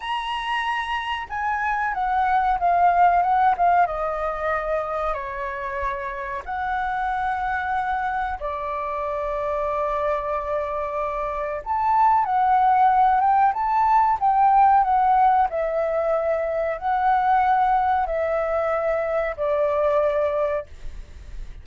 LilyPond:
\new Staff \with { instrumentName = "flute" } { \time 4/4 \tempo 4 = 93 ais''2 gis''4 fis''4 | f''4 fis''8 f''8 dis''2 | cis''2 fis''2~ | fis''4 d''2.~ |
d''2 a''4 fis''4~ | fis''8 g''8 a''4 g''4 fis''4 | e''2 fis''2 | e''2 d''2 | }